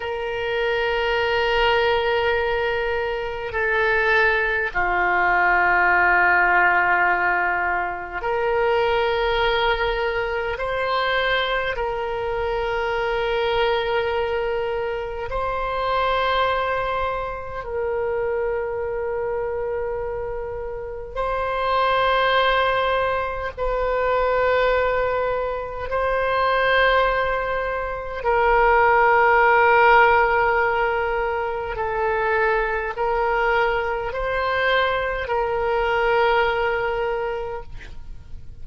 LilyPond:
\new Staff \with { instrumentName = "oboe" } { \time 4/4 \tempo 4 = 51 ais'2. a'4 | f'2. ais'4~ | ais'4 c''4 ais'2~ | ais'4 c''2 ais'4~ |
ais'2 c''2 | b'2 c''2 | ais'2. a'4 | ais'4 c''4 ais'2 | }